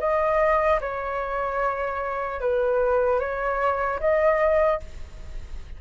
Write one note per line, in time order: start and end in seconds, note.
0.00 0.80 D#5
0.81 2.41 C#5
2.41 3.20 B4
3.20 4.00 C#5
4.00 4.80 D#5